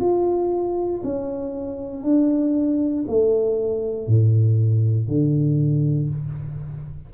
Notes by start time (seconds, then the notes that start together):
0.00 F4
1.04 C#4
2.03 D4
3.07 A3
4.07 A2
5.08 D3